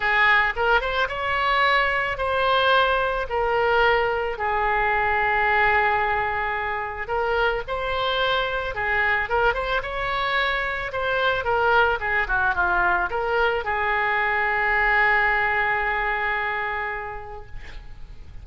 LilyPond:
\new Staff \with { instrumentName = "oboe" } { \time 4/4 \tempo 4 = 110 gis'4 ais'8 c''8 cis''2 | c''2 ais'2 | gis'1~ | gis'4 ais'4 c''2 |
gis'4 ais'8 c''8 cis''2 | c''4 ais'4 gis'8 fis'8 f'4 | ais'4 gis'2.~ | gis'1 | }